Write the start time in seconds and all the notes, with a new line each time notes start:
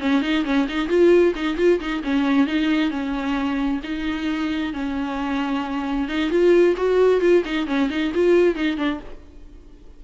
0.00 C#4
0.22 D#4
0.45 C#4
0.68 D#4
0.89 F4
1.35 D#4
1.57 F4
1.80 D#4
2.03 C#4
2.47 D#4
2.90 C#4
3.83 D#4
4.73 C#4
6.09 D#4
6.30 F4
6.77 F#4
7.21 F4
7.45 D#4
7.67 C#4
7.90 D#4
8.14 F4
8.55 D#4
8.77 D4